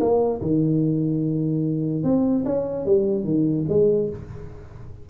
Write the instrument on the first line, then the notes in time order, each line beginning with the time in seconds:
tuba
0.00 A#3
0.41 D#3
2.04 C4
2.45 C#4
2.86 G3
3.24 D#3
3.69 G#3